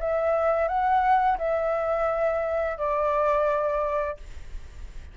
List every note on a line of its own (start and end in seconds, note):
0.00 0.68 E5
0.68 1.38 F#5
1.38 2.78 E5
2.78 4.18 D5